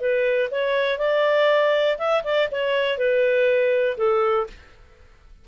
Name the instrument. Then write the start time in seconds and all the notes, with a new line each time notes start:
clarinet
0.00 B4
0.51 C#5
0.98 D5
1.98 E5
2.24 D5
2.52 C#5
2.98 B4
3.98 A4